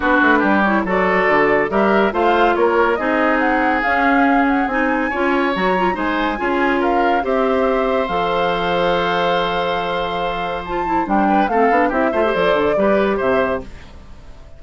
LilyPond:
<<
  \new Staff \with { instrumentName = "flute" } { \time 4/4 \tempo 4 = 141 b'4. cis''8 d''2 | e''4 f''4 cis''4 dis''4 | fis''4 f''4. fis''8 gis''4~ | gis''4 ais''4 gis''2 |
f''4 e''2 f''4~ | f''1~ | f''4 a''4 g''4 f''4 | e''4 d''2 e''4 | }
  \new Staff \with { instrumentName = "oboe" } { \time 4/4 fis'4 g'4 a'2 | ais'4 c''4 ais'4 gis'4~ | gis'1 | cis''2 c''4 gis'4 |
ais'4 c''2.~ | c''1~ | c''2~ c''8 b'8 a'4 | g'8 c''4. b'4 c''4 | }
  \new Staff \with { instrumentName = "clarinet" } { \time 4/4 d'4. e'8 fis'2 | g'4 f'2 dis'4~ | dis'4 cis'2 dis'4 | f'4 fis'8 f'8 dis'4 f'4~ |
f'4 g'2 a'4~ | a'1~ | a'4 f'8 e'8 d'4 c'8 d'8 | e'8 f'16 g'16 a'4 g'2 | }
  \new Staff \with { instrumentName = "bassoon" } { \time 4/4 b8 a8 g4 fis4 d4 | g4 a4 ais4 c'4~ | c'4 cis'2 c'4 | cis'4 fis4 gis4 cis'4~ |
cis'4 c'2 f4~ | f1~ | f2 g4 a8 b8 | c'8 a8 f8 d8 g4 c4 | }
>>